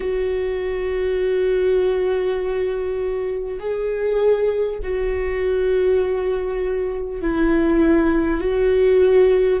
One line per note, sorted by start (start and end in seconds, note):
0.00 3.58 F#4
3.59 4.79 G#4
4.82 7.21 F#4
7.21 8.41 E4
8.41 9.60 F#4